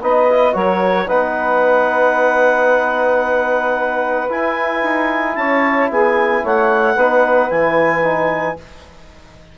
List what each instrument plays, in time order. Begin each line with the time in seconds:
0.00 bassoon B3, trombone D#4, saxophone B4, clarinet D#5
0.30 trombone E4
0.53 bassoon F#3, trombone F#4, saxophone A#4, clarinet C#5
1.06 bassoon B3, trombone D#4, saxophone B4, clarinet F#5
4.29 trombone E4, bassoon E4, clarinet G#5
4.83 bassoon D#4
5.35 bassoon C#4, saxophone C#5, clarinet A5
5.90 bassoon B3, saxophone G#4, clarinet G#5
6.42 bassoon A3, saxophone C#5, clarinet F#5
6.95 bassoon B3, trombone D#4, saxophone B4
7.50 bassoon E3, trombone E4, clarinet G#5
8.03 trombone D#4